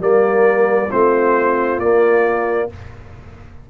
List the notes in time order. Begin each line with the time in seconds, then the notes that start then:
0.00 G3 A#3 A#4 D5
0.89 A3 C4 F4 C5
1.79 A#3 D5